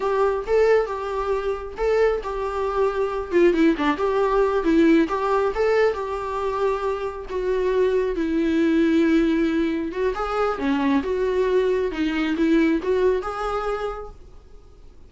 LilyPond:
\new Staff \with { instrumentName = "viola" } { \time 4/4 \tempo 4 = 136 g'4 a'4 g'2 | a'4 g'2~ g'8 f'8 | e'8 d'8 g'4. e'4 g'8~ | g'8 a'4 g'2~ g'8~ |
g'8 fis'2 e'4.~ | e'2~ e'8 fis'8 gis'4 | cis'4 fis'2 dis'4 | e'4 fis'4 gis'2 | }